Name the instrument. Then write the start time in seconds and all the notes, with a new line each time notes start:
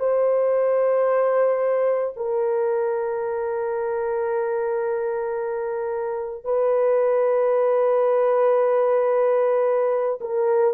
horn
0.00 C5
2.17 A#4
6.45 B4
10.21 A#4